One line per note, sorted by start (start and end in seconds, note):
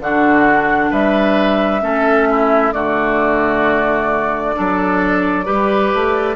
0.00 0.91 D3
0.00 1.81 D4
0.00 0.91 F#4
0.00 0.92 F#5
0.91 1.82 G3
0.91 1.81 B4
0.91 2.73 E5
1.81 2.73 A3
1.81 2.72 C#4
1.81 2.29 A4
2.30 2.74 E4
2.72 4.56 D3
2.72 4.54 A3
2.72 4.56 F#4
2.72 6.36 D5
4.55 5.48 F#3
4.55 5.45 D4
4.55 5.45 A4
5.45 5.94 G3
5.45 6.36 G4
5.45 6.36 B4
5.94 6.36 A3